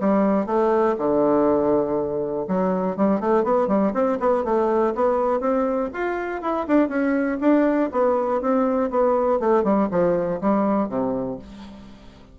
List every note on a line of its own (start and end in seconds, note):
0.00 0.46 G3
0.46 0.96 A3
0.98 2.46 D3
2.48 2.96 F#3
2.96 3.20 G3
3.20 3.43 A3
3.43 3.67 B3
3.67 3.92 G3
3.94 4.19 C4
4.20 4.44 B3
4.44 4.94 A3
4.95 5.40 B3
5.40 5.90 C4
5.93 6.42 F4
6.42 6.67 E4
6.67 6.89 D4
6.89 7.38 C#4
7.41 7.90 D4
7.92 8.41 B3
8.41 8.90 C4
8.90 9.39 B3
9.40 9.64 A3
9.64 9.89 G3
9.91 10.40 F3
10.41 10.89 G3
10.89 11.38 C3